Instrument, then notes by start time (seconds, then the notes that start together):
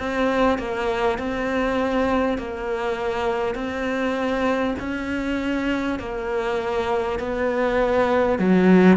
cello
0.00 C4
0.59 A#3
1.19 C4
2.38 A#3
3.56 C4
4.80 C#4
6.00 A#3
7.20 B3
8.39 F#3